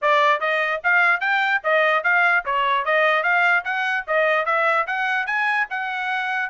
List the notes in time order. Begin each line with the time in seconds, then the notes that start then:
0.01 D5
0.40 D#5
0.83 F5
1.20 G5
1.63 D#5
2.03 F5
2.45 C#5
2.85 D#5
3.23 F5
3.64 F#5
4.07 D#5
4.45 E5
4.86 F#5
5.26 G#5
5.70 F#5